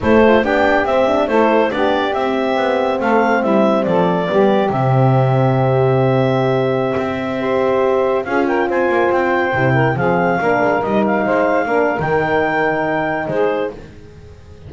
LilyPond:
<<
  \new Staff \with { instrumentName = "clarinet" } { \time 4/4 \tempo 4 = 140 c''4 g''4 e''4 c''4 | d''4 e''2 f''4 | e''4 d''2 e''4~ | e''1~ |
e''2.~ e''16 f''8 g''16~ | g''16 gis''4 g''2 f''8.~ | f''4~ f''16 dis''8 f''2~ f''16 | g''2. c''4 | }
  \new Staff \with { instrumentName = "saxophone" } { \time 4/4 e'8 f'8 g'2 a'4 | g'2. a'4 | e'4 a'4 g'2~ | g'1~ |
g'4~ g'16 c''2 gis'8 ais'16~ | ais'16 c''2~ c''8 ais'8 gis'8.~ | gis'16 ais'2 c''4 ais'8.~ | ais'2. gis'4 | }
  \new Staff \with { instrumentName = "horn" } { \time 4/4 a4 d'4 c'8 d'8 e'4 | d'4 c'2.~ | c'2 b4 c'4~ | c'1~ |
c'4~ c'16 g'2 f'8.~ | f'2~ f'16 e'4 c'8.~ | c'16 d'4 dis'2 d'8. | dis'1 | }
  \new Staff \with { instrumentName = "double bass" } { \time 4/4 a4 b4 c'4 a4 | b4 c'4 b4 a4 | g4 f4 g4 c4~ | c1~ |
c16 c'2. cis'8.~ | cis'16 c'8 ais8 c'4 c4 f8.~ | f16 ais8 gis8 g4 gis4 ais8. | dis2. gis4 | }
>>